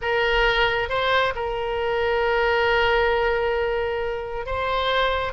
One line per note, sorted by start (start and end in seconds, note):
0.01 0.89 A#4
0.89 1.33 C5
1.35 4.46 A#4
4.46 5.33 C5